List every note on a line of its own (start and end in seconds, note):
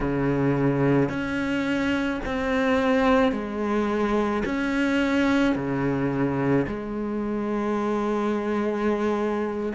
0.00 1.09 C#3
1.09 2.20 C#4
2.25 3.32 C4
3.32 4.43 G#3
4.45 5.55 C#4
5.55 6.66 C#3
6.67 9.72 G#3